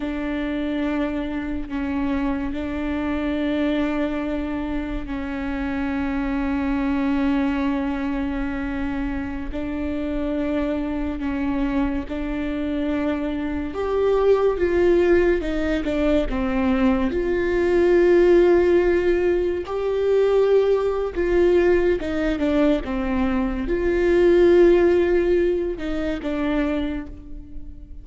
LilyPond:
\new Staff \with { instrumentName = "viola" } { \time 4/4 \tempo 4 = 71 d'2 cis'4 d'4~ | d'2 cis'2~ | cis'2.~ cis'16 d'8.~ | d'4~ d'16 cis'4 d'4.~ d'16~ |
d'16 g'4 f'4 dis'8 d'8 c'8.~ | c'16 f'2. g'8.~ | g'4 f'4 dis'8 d'8 c'4 | f'2~ f'8 dis'8 d'4 | }